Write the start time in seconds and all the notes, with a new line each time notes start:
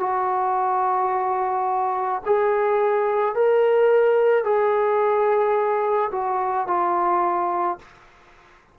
0.00 F#4
2.26 G#4
3.35 A#4
4.44 G#4
6.12 F#4
6.68 F4